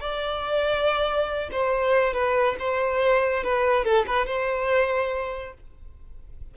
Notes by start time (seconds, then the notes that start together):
0.00 D5
1.51 C5
2.13 B4
2.59 C5
3.43 B4
3.84 A4
4.06 B4
4.26 C5